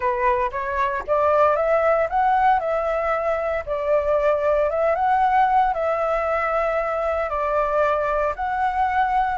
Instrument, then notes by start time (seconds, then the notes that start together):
flute
0.00 B4
0.51 C#5
1.07 D5
1.56 E5
2.09 F#5
2.59 E5
3.66 D5
4.70 E5
4.95 F#5
5.73 E5
7.29 D5
8.35 F#5